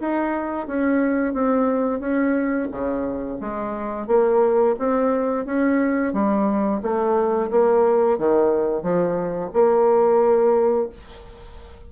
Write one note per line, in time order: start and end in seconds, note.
0.00 0.67 D#4
0.67 1.34 C#4
1.34 2.00 C4
2.00 2.68 C#4
2.71 3.39 C#3
3.40 4.07 G#3
4.07 4.75 A#3
4.79 5.45 C4
5.45 6.13 C#4
6.13 6.81 G3
6.82 7.50 A3
7.51 8.18 A#3
8.18 8.83 D#3
8.83 9.51 F3
9.53 10.89 A#3